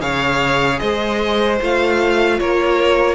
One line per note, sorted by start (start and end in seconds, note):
0.00 0.79 C#3
0.00 1.58 G#4
0.00 0.80 C#5
0.00 0.78 F5
0.78 1.60 G#3
0.78 2.38 C5
0.78 1.57 D#5
1.61 2.40 A3
1.61 3.15 F4
1.61 2.39 F5
2.39 3.15 A#3
2.39 3.15 A#4
2.39 3.15 C#5